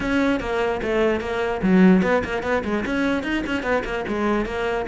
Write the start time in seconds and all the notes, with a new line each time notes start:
0.00 C#4
0.40 A#3
0.82 A3
1.20 A#3
1.62 F#3
2.02 B3
2.24 A#3
2.42 B3
2.64 G#3
2.85 C#4
3.23 D#4
3.46 C#4
3.62 B3
3.84 A#3
4.08 G#3
4.45 A#3